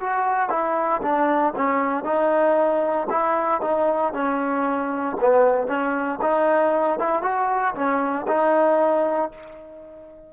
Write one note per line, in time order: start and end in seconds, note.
0.00 0.50 F#4
0.50 1.02 E4
1.02 1.54 D4
1.57 2.04 C#4
2.04 3.08 D#4
3.10 3.62 E4
3.62 4.13 D#4
4.14 5.17 C#4
5.21 5.68 B3
5.68 6.19 C#4
6.22 6.99 D#4
7.00 7.23 E4
7.23 7.74 F#4
7.75 8.27 C#4
8.28 9.32 D#4